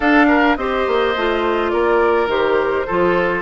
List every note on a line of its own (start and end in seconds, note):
0.00 0.57 D4
0.00 0.58 D4
0.00 0.26 A4
0.00 0.56 F5
0.28 0.56 A#4
0.56 0.85 C4
0.56 1.15 G4
0.56 1.72 C5
0.56 1.70 D#5
0.87 1.15 A#3
1.15 1.72 A3
1.15 2.28 F4
1.70 2.26 A#3
1.70 2.86 A#4
1.70 2.27 D5
2.26 2.83 D#3
2.26 2.85 G4
2.26 3.42 C5
2.86 3.42 F3
2.86 3.42 F4
2.86 3.42 A4